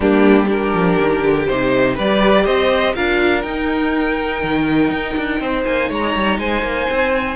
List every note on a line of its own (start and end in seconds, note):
0.00 0.72 G3
0.00 0.47 A#3
0.00 0.45 D4
0.00 0.50 G4
0.47 1.45 D4
0.47 1.94 G4
0.47 1.46 A#4
0.73 0.97 F3
0.99 1.23 D#3
1.23 1.48 D3
1.46 1.98 C3
1.46 1.97 D#4
1.46 1.96 C5
1.94 2.47 G3
1.94 2.95 G4
1.94 2.43 B4
1.94 2.45 D5
2.44 2.96 C4
2.44 2.93 C5
2.44 2.94 D#5
2.95 3.44 D4
2.95 3.44 F4
2.95 5.41 A#4
2.95 3.41 F5
3.41 4.42 D#4
3.41 7.35 D#4
3.41 5.63 G5
4.42 4.90 D#3
4.90 5.15 D#4
5.17 5.40 D4
5.40 5.64 C4
5.40 5.89 C5
5.65 5.90 A#3
5.65 5.89 G#5
5.89 6.14 G#3
5.89 6.38 C#5
5.89 6.39 A#5
6.15 6.38 G3
6.38 6.62 G#3
6.38 7.35 C5
6.38 7.35 G#5
6.62 6.86 A#3
6.89 7.35 C4